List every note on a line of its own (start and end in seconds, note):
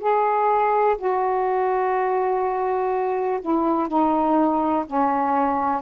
0.00 0.97 G#4
0.98 3.40 F#4
3.41 3.88 E4
3.88 4.85 D#4
4.87 5.82 C#4